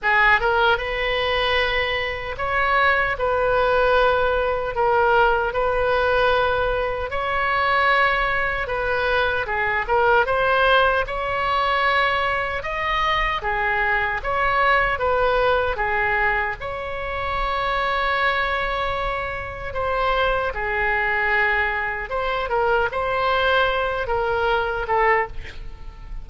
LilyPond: \new Staff \with { instrumentName = "oboe" } { \time 4/4 \tempo 4 = 76 gis'8 ais'8 b'2 cis''4 | b'2 ais'4 b'4~ | b'4 cis''2 b'4 | gis'8 ais'8 c''4 cis''2 |
dis''4 gis'4 cis''4 b'4 | gis'4 cis''2.~ | cis''4 c''4 gis'2 | c''8 ais'8 c''4. ais'4 a'8 | }